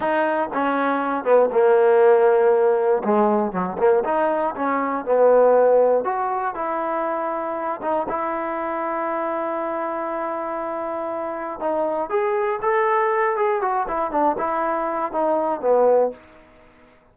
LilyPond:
\new Staff \with { instrumentName = "trombone" } { \time 4/4 \tempo 4 = 119 dis'4 cis'4. b8 ais4~ | ais2 gis4 fis8 ais8 | dis'4 cis'4 b2 | fis'4 e'2~ e'8 dis'8 |
e'1~ | e'2. dis'4 | gis'4 a'4. gis'8 fis'8 e'8 | d'8 e'4. dis'4 b4 | }